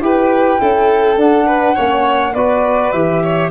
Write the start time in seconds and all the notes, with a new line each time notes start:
0.00 E4 G4 B4 G5
0.59 C#4 E4 A4
1.17 D4 F#5
1.46 B4
1.75 A#3 C#4 C#5
2.34 B3 F#4 B4 D5
2.92 E3 G4 E5
3.23 C#5